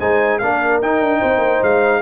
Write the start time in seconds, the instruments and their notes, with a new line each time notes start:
0.00 tuba G#3, trombone D#4, horn C5, trumpet G#5
0.39 tuba A#3, trombone D4, horn A#4, trumpet F5
0.82 tuba D#4, trombone D#4, trumpet G5
1.01 tuba D4
1.19 tuba C4, horn C5
1.39 tuba A#3
1.63 tuba G#3, trumpet F5